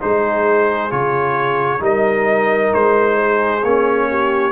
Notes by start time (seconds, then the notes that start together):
0.00 G#3 D#4 G#4 C5
0.90 C#3 F4 C#5
1.79 G3 D#4 A#4 D#5
2.73 G#3 C5
3.16 G#4
3.62 A#3 C#4 C#5
4.09 G4